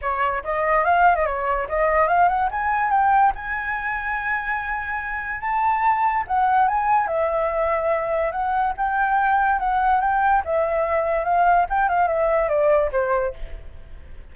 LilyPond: \new Staff \with { instrumentName = "flute" } { \time 4/4 \tempo 4 = 144 cis''4 dis''4 f''8. dis''16 cis''4 | dis''4 f''8 fis''8 gis''4 g''4 | gis''1~ | gis''4 a''2 fis''4 |
gis''4 e''2. | fis''4 g''2 fis''4 | g''4 e''2 f''4 | g''8 f''8 e''4 d''4 c''4 | }